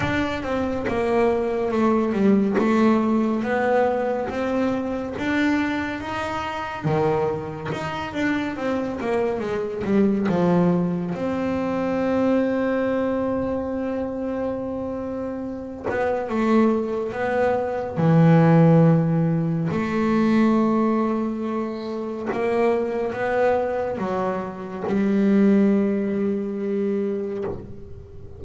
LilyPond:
\new Staff \with { instrumentName = "double bass" } { \time 4/4 \tempo 4 = 70 d'8 c'8 ais4 a8 g8 a4 | b4 c'4 d'4 dis'4 | dis4 dis'8 d'8 c'8 ais8 gis8 g8 | f4 c'2.~ |
c'2~ c'8 b8 a4 | b4 e2 a4~ | a2 ais4 b4 | fis4 g2. | }